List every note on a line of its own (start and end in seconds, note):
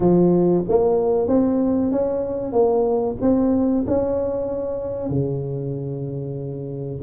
0.00 0.64 F3
0.68 1.27 A#3
1.27 1.91 C4
1.91 2.52 C#4
2.52 3.16 A#3
3.21 3.84 C4
3.86 5.09 C#4
5.09 7.01 C#3